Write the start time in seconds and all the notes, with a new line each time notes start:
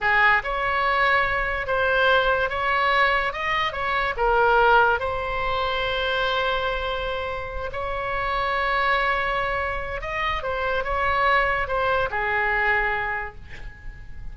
0.00 G#4
0.43 C#5
1.66 C5
2.49 C#5
3.32 D#5
3.72 C#5
4.16 A#4
4.99 C5
7.72 C#5
10.01 D#5
10.42 C5
10.84 C#5
11.67 C5
12.10 G#4